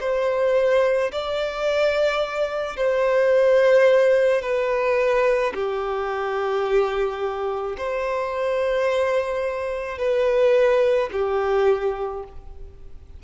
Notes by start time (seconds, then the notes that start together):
0.00 C5
1.12 D5
2.76 C5
4.41 B4
5.54 G4
7.77 C5
9.98 B4
11.12 G4